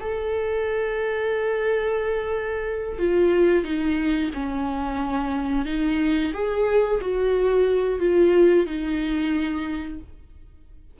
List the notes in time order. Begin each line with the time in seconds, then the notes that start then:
0.00 A4
2.98 F4
3.64 D#4
4.34 C#4
5.65 D#4
6.33 G#4
7.01 F#4
7.99 F4
8.66 D#4